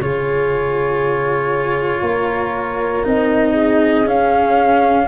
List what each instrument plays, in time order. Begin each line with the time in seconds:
0.00 tuba C#3, cello F4, horn G#4, flute C#5
2.01 tuba A#3, horn A#4
3.04 tuba C4, cello D#4, flute D#5
3.52 horn G#4
4.05 tuba C#4, cello C#4, flute F5